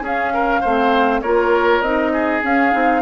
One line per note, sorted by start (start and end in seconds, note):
0.00 0.60 C#4
0.00 0.64 C#4
0.00 0.33 G#4
0.06 1.21 F5
0.34 0.61 A#4
0.61 1.22 A3
0.61 1.24 C4
0.61 1.21 C5
1.21 1.81 A#3
1.21 1.84 F4
1.21 2.12 A#4
1.21 1.81 C#5
1.81 2.41 C4
1.81 2.42 D#4
1.81 2.41 D#5
2.13 3.02 G#4
2.42 2.72 C#4
2.42 2.73 C#4
2.42 3.02 F5
2.72 3.02 C4
2.72 3.02 D#4